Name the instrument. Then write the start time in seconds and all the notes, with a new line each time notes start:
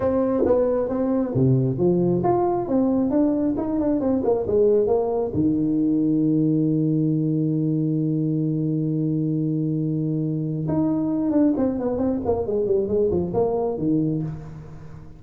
tuba
0.00 C4
0.45 B3
0.88 C4
1.34 C3
1.78 F3
2.23 F4
2.68 C4
3.10 D4
3.57 D#4
3.79 D4
4.00 C4
4.23 A#3
4.46 G#3
4.87 A#3
5.33 D#3
10.68 D#4
11.31 D4
11.57 C4
11.79 B3
11.98 C4
12.25 A#3
12.46 G#3
12.66 G3
12.88 G#3
13.11 F3
13.33 A#3
13.78 D#3